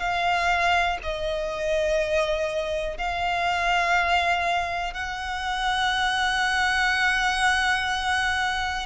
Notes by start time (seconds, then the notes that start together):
0.00 F5
1.03 D#5
2.98 F5
4.94 F#5